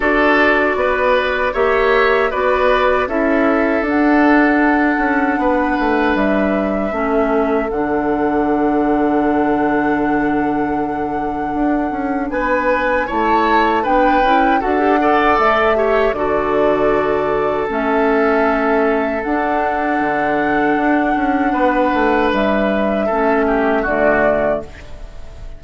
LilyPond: <<
  \new Staff \with { instrumentName = "flute" } { \time 4/4 \tempo 4 = 78 d''2 e''4 d''4 | e''4 fis''2. | e''2 fis''2~ | fis''1 |
gis''4 a''4 g''4 fis''4 | e''4 d''2 e''4~ | e''4 fis''2.~ | fis''4 e''2 d''4 | }
  \new Staff \with { instrumentName = "oboe" } { \time 4/4 a'4 b'4 cis''4 b'4 | a'2. b'4~ | b'4 a'2.~ | a'1 |
b'4 cis''4 b'4 a'8 d''8~ | d''8 cis''8 a'2.~ | a'1 | b'2 a'8 g'8 fis'4 | }
  \new Staff \with { instrumentName = "clarinet" } { \time 4/4 fis'2 g'4 fis'4 | e'4 d'2.~ | d'4 cis'4 d'2~ | d'1~ |
d'4 e'4 d'8 e'8 fis'16 g'16 a'8~ | a'8 g'8 fis'2 cis'4~ | cis'4 d'2.~ | d'2 cis'4 a4 | }
  \new Staff \with { instrumentName = "bassoon" } { \time 4/4 d'4 b4 ais4 b4 | cis'4 d'4. cis'8 b8 a8 | g4 a4 d2~ | d2. d'8 cis'8 |
b4 a4 b8 cis'8 d'4 | a4 d2 a4~ | a4 d'4 d4 d'8 cis'8 | b8 a8 g4 a4 d4 | }
>>